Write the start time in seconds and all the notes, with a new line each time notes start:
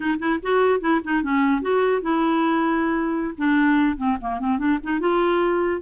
0.00 D#4
0.19 E4
0.42 F#4
0.80 E4
1.04 D#4
1.22 C#4
1.61 F#4
2.02 E4
3.37 D4
3.97 C4
4.20 A#3
4.39 C4
4.58 D4
4.83 D#4
5.00 F4